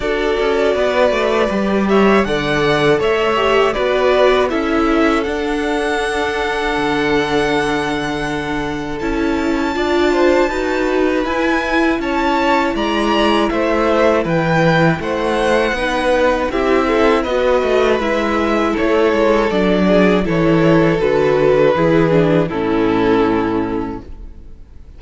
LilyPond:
<<
  \new Staff \with { instrumentName = "violin" } { \time 4/4 \tempo 4 = 80 d''2~ d''8 e''8 fis''4 | e''4 d''4 e''4 fis''4~ | fis''1 | a''2. gis''4 |
a''4 ais''4 e''4 g''4 | fis''2 e''4 dis''4 | e''4 cis''4 d''4 cis''4 | b'2 a'2 | }
  \new Staff \with { instrumentName = "violin" } { \time 4/4 a'4 b'4. cis''8 d''4 | cis''4 b'4 a'2~ | a'1~ | a'4 d''8 c''8 b'2 |
cis''4 d''4 c''4 b'4 | c''4 b'4 g'8 a'8 b'4~ | b'4 a'4. gis'8 a'4~ | a'4 gis'4 e'2 | }
  \new Staff \with { instrumentName = "viola" } { \time 4/4 fis'2 g'4 a'4~ | a'8 g'8 fis'4 e'4 d'4~ | d'1 | e'4 f'4 fis'4 e'4~ |
e'1~ | e'4 dis'4 e'4 fis'4 | e'2 d'4 e'4 | fis'4 e'8 d'8 cis'2 | }
  \new Staff \with { instrumentName = "cello" } { \time 4/4 d'8 cis'8 b8 a8 g4 d4 | a4 b4 cis'4 d'4~ | d'4 d2. | cis'4 d'4 dis'4 e'4 |
cis'4 gis4 a4 e4 | a4 b4 c'4 b8 a8 | gis4 a8 gis8 fis4 e4 | d4 e4 a,2 | }
>>